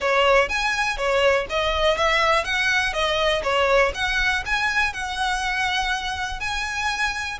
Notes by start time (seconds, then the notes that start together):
0.00 C#5
0.48 G#5
0.97 C#5
1.49 D#5
1.97 E5
2.44 F#5
2.93 D#5
3.43 C#5
3.94 F#5
4.45 G#5
4.93 F#5
6.40 G#5